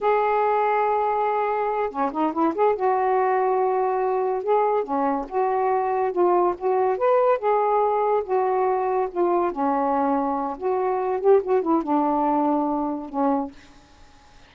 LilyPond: \new Staff \with { instrumentName = "saxophone" } { \time 4/4 \tempo 4 = 142 gis'1~ | gis'8 cis'8 dis'8 e'8 gis'8 fis'4.~ | fis'2~ fis'8 gis'4 cis'8~ | cis'8 fis'2 f'4 fis'8~ |
fis'8 b'4 gis'2 fis'8~ | fis'4. f'4 cis'4.~ | cis'4 fis'4. g'8 fis'8 e'8 | d'2. cis'4 | }